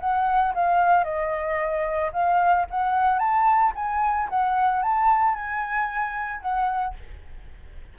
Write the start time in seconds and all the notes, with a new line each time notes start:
0.00 F#5
0.54 F5
1.04 D#5
2.13 F5
2.70 F#5
3.19 A5
3.75 G#5
4.29 F#5
4.82 A5
5.35 G#5
6.41 F#5